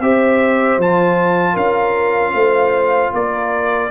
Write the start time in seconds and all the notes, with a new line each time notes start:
0.00 C4 G4 C5 E5
0.78 F3 F4 A5
1.54 C#4 A#4 F5
2.34 A3 C5
3.13 A#3 A#4 D5